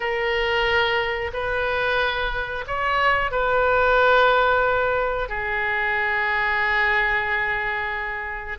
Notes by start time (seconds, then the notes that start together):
0.00 A#4
1.33 B4
2.67 C#5
3.31 B4
5.28 G#4